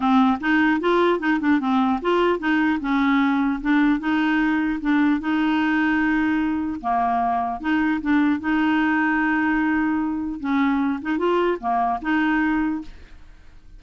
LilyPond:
\new Staff \with { instrumentName = "clarinet" } { \time 4/4 \tempo 4 = 150 c'4 dis'4 f'4 dis'8 d'8 | c'4 f'4 dis'4 cis'4~ | cis'4 d'4 dis'2 | d'4 dis'2.~ |
dis'4 ais2 dis'4 | d'4 dis'2.~ | dis'2 cis'4. dis'8 | f'4 ais4 dis'2 | }